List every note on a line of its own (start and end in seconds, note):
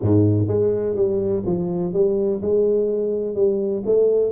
0.01 0.47 G#2
0.47 0.95 G#3
0.95 1.43 G3
1.45 1.93 F3
1.93 2.41 G3
2.41 3.35 G#3
3.35 3.83 G3
3.85 4.31 A3